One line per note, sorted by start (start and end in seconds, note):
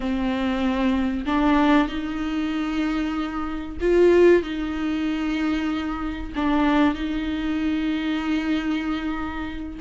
0.00 1.25 C4
1.25 1.88 D4
1.88 3.77 D#4
3.81 4.42 F4
4.42 6.32 D#4
6.35 6.94 D4
6.94 9.78 D#4